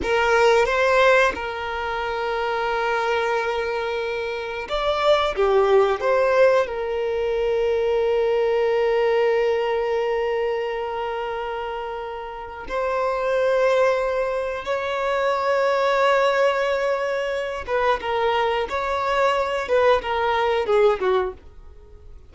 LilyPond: \new Staff \with { instrumentName = "violin" } { \time 4/4 \tempo 4 = 90 ais'4 c''4 ais'2~ | ais'2. d''4 | g'4 c''4 ais'2~ | ais'1~ |
ais'2. c''4~ | c''2 cis''2~ | cis''2~ cis''8 b'8 ais'4 | cis''4. b'8 ais'4 gis'8 fis'8 | }